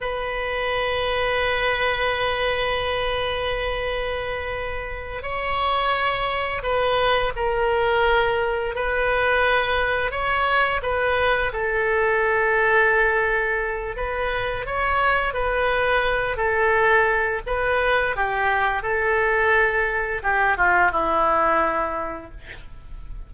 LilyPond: \new Staff \with { instrumentName = "oboe" } { \time 4/4 \tempo 4 = 86 b'1~ | b'2.~ b'8 cis''8~ | cis''4. b'4 ais'4.~ | ais'8 b'2 cis''4 b'8~ |
b'8 a'2.~ a'8 | b'4 cis''4 b'4. a'8~ | a'4 b'4 g'4 a'4~ | a'4 g'8 f'8 e'2 | }